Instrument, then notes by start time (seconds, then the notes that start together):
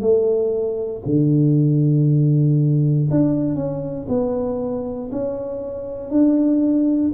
tuba
0.00 A3
1.05 D3
3.10 D4
3.55 C#4
4.08 B3
5.11 C#4
6.10 D4